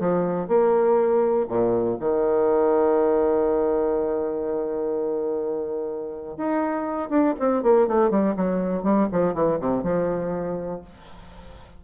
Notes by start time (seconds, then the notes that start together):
0.00 F3
0.48 A#3
1.49 A#2
2.01 D#3
6.38 D#4
7.10 D4
7.39 C4
7.63 A#3
7.88 A3
8.11 G3
8.37 F#3
8.84 G3
9.13 F3
9.34 E3
9.60 C3
9.84 F3